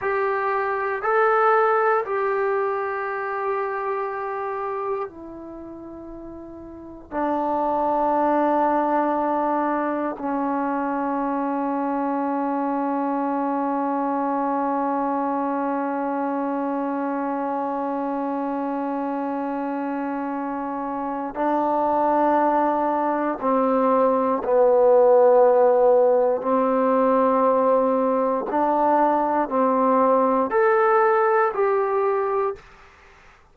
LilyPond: \new Staff \with { instrumentName = "trombone" } { \time 4/4 \tempo 4 = 59 g'4 a'4 g'2~ | g'4 e'2 d'4~ | d'2 cis'2~ | cis'1~ |
cis'1~ | cis'4 d'2 c'4 | b2 c'2 | d'4 c'4 a'4 g'4 | }